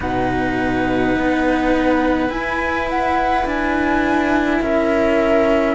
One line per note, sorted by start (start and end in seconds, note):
0.00 1.16 B2
0.00 2.29 D#4
0.00 4.61 B4
0.00 2.30 F#5
1.16 2.28 B3
2.28 3.44 E4
2.28 5.75 E4
2.28 2.87 G#5
2.89 3.47 F#5
3.45 4.60 D4
3.45 4.61 G#5
4.61 5.75 C#4
4.61 5.75 A#4
4.61 5.75 E5